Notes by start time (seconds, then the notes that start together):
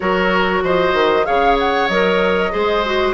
0.00 F#3 F#4 A#4 C#5
0.62 F3 C5 D#5
0.93 D#3
1.25 C#3 G#4 C#5 F5
1.59 F#5
1.88 F#3 A#4 D#5
2.51 G#3 G#4 C5
2.85 F#4